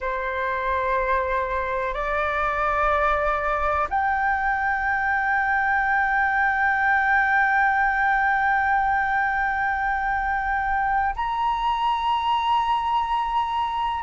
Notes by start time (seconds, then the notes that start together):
0.00 C5
1.94 D5
3.89 G5
11.16 A#5